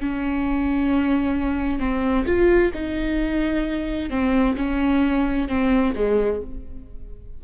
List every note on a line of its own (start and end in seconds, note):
0.00 1.79 C#4
1.79 2.25 C4
2.25 2.71 F4
2.74 4.10 D#4
4.10 4.55 C4
4.56 5.48 C#4
5.48 5.94 C4
5.95 6.41 G#3